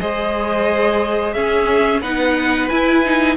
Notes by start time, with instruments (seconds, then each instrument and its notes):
0.00 cello G#3, viola G#4, violin C5 D#5
1.33 cello C#4, viola C#4, violin G#4 E5
2.01 cello B3, viola D#4, violin B4 F#5
2.69 cello E4, viola E4, violin G#5
3.05 viola D#4